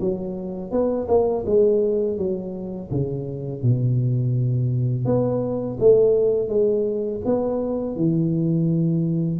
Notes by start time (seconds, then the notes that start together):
0.00 F#3
0.71 B3
1.08 A#3
1.46 G#3
2.17 F#3
2.90 C#3
3.62 B2
5.05 B3
5.79 A3
6.48 G#3
7.25 B3
7.96 E3